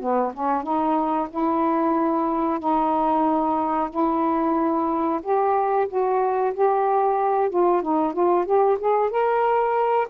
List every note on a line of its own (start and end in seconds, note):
0.00 0.33 B3
0.33 0.63 C#4
0.63 1.28 D#4
1.30 2.59 E4
2.59 3.90 D#4
3.90 5.21 E4
5.22 5.88 G4
5.88 6.53 F#4
6.53 7.49 G4
7.49 7.82 F4
7.82 8.13 D#4
8.13 8.45 F4
8.45 8.78 G4
8.79 9.10 G#4
9.10 10.08 A#4